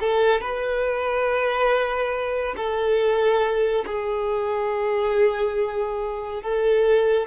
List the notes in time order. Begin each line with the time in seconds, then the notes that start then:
0.00 A4
0.41 B4
2.56 A4
3.86 G#4
6.42 A4